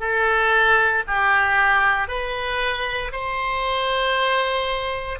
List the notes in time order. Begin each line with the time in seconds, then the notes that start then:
0.00 A4
1.08 G4
2.08 B4
3.13 C5